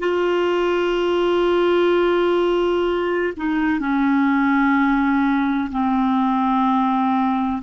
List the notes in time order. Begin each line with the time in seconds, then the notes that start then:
0.00 F4
3.37 D#4
3.80 C#4
5.72 C4